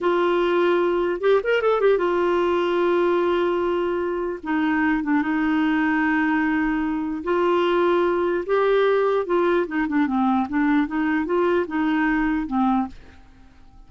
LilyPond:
\new Staff \with { instrumentName = "clarinet" } { \time 4/4 \tempo 4 = 149 f'2. g'8 ais'8 | a'8 g'8 f'2.~ | f'2. dis'4~ | dis'8 d'8 dis'2.~ |
dis'2 f'2~ | f'4 g'2 f'4 | dis'8 d'8 c'4 d'4 dis'4 | f'4 dis'2 c'4 | }